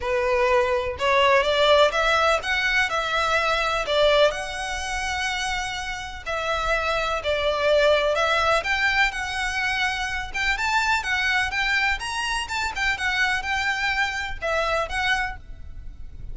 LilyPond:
\new Staff \with { instrumentName = "violin" } { \time 4/4 \tempo 4 = 125 b'2 cis''4 d''4 | e''4 fis''4 e''2 | d''4 fis''2.~ | fis''4 e''2 d''4~ |
d''4 e''4 g''4 fis''4~ | fis''4. g''8 a''4 fis''4 | g''4 ais''4 a''8 g''8 fis''4 | g''2 e''4 fis''4 | }